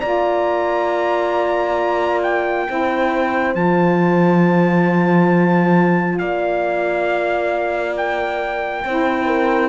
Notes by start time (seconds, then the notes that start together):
0.00 A#3 F4 D5 A#5
2.22 G5
2.67 C4 E4 C5
3.54 F3 F4 A5
6.18 A#3 D5 F5
7.97 G5
8.84 C4 E4 C5
9.26 A#4